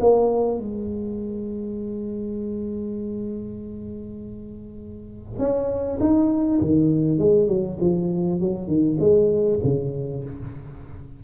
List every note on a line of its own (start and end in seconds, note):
0.00 0.58 A#3
0.58 5.38 G#3
5.38 5.98 C#4
6.00 6.60 D#4
6.61 7.18 D#3
7.18 7.48 G#3
7.48 7.78 F#3
7.80 8.40 F3
8.40 8.67 F#3
8.67 8.97 D#3
8.99 9.59 G#3
9.64 10.24 C#3